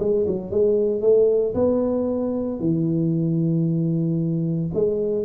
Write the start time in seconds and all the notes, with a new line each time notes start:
0.00 G#3
0.27 F#3
0.51 G#3
1.02 A3
1.55 B3
2.60 E3
4.74 G#3